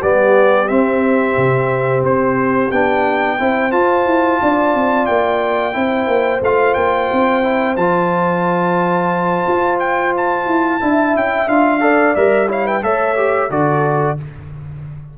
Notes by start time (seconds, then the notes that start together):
0.00 G3 B3 G4 D5
0.68 C4 E5
1.37 C3
2.03 C4 C5
2.71 B3 D4 G5
3.39 C4 E4 C5
3.71 F4 A5
4.06 E4
4.42 D4 D5
4.74 C4
5.06 A#3 G5
5.73 C4 E4 C5
6.07 A#3
6.41 A3 F4 F5
6.74 A#3 G5
7.12 C4
7.43 E4
7.76 F3 F4 A5
9.48 F4
9.79 G5
10.17 A5
10.47 E4
10.80 D4 E4 E5
11.15 C#4 G5
11.48 D4 F4 F5
11.80 A4 D5
12.15 G3 A#4 E5
12.48 E4 C#5 F5
12.66 B4 G5
12.82 A3 A4 C#5 E5
13.16 G4
13.50 D3 F#4 A4 D5